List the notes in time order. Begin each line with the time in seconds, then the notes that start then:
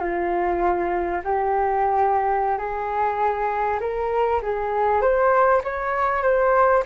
0.00 F4
1.24 G4
2.58 G#4
3.80 A#4
4.42 G#4
5.01 C5
5.64 C#5
6.22 C5